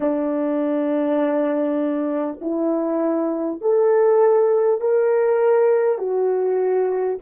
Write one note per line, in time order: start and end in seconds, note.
0.00 2.39 D4
2.41 3.61 E4
3.61 4.81 A4
4.81 5.98 A#4
5.98 7.18 F#4